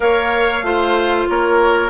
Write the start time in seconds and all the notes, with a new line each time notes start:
0.00 A#3 A#4 C#5 F5
0.62 A3 F4 C5
1.28 A#3 A#4 C#5